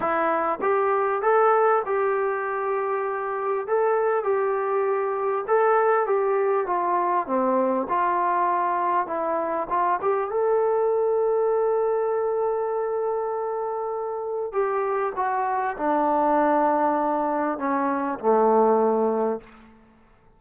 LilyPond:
\new Staff \with { instrumentName = "trombone" } { \time 4/4 \tempo 4 = 99 e'4 g'4 a'4 g'4~ | g'2 a'4 g'4~ | g'4 a'4 g'4 f'4 | c'4 f'2 e'4 |
f'8 g'8 a'2.~ | a'1 | g'4 fis'4 d'2~ | d'4 cis'4 a2 | }